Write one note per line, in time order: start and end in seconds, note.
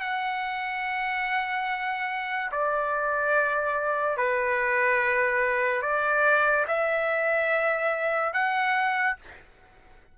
0.00 2.50 F#5
2.51 4.17 D5
4.17 5.82 B4
5.82 6.65 D5
6.67 8.33 E5
8.33 9.16 F#5